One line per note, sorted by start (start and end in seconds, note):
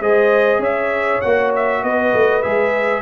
0.00 0.58 G#3
0.00 1.22 G#4
0.00 0.60 C5
0.00 0.62 D#5
0.58 1.19 C#4
0.58 1.81 C#5
0.58 1.21 E5
1.21 1.82 A#3
1.21 2.42 F#4
1.21 1.51 F#5
1.55 1.83 E5
1.82 2.13 B3
1.82 3.01 B4
1.82 2.42 D#5
2.13 2.43 A3
2.42 3.01 G#3
2.42 3.01 G#4
2.42 3.01 E5